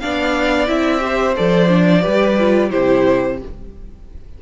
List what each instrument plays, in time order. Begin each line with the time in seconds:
0.00 cello B3, viola D4, violin D5 F5
0.67 cello C4, viola E4, violin E5
1.00 viola G4, violin C5
1.37 cello F3, viola A4, violin D5
1.69 viola D4
2.02 cello G3, viola G4, violin B4
2.39 viola F4
2.70 cello C3, viola E4, violin G4 C5